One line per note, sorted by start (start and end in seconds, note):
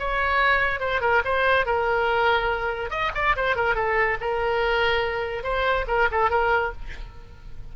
0.00 0.80 C#5
0.80 1.01 C5
1.02 1.23 A#4
1.25 1.66 C5
1.66 2.91 A#4
2.91 3.12 D#5
3.15 3.36 D5
3.36 3.56 C5
3.56 3.75 A#4
3.75 4.18 A4
4.21 5.44 A#4
5.44 5.86 C5
5.88 6.09 A#4
6.12 6.31 A4
6.31 6.73 A#4